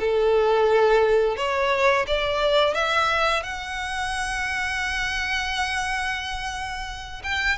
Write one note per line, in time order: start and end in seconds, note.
0.00 1.37 A4
1.37 2.06 C#5
2.07 2.74 D5
2.74 3.43 E5
3.43 7.23 F#5
7.24 7.58 G5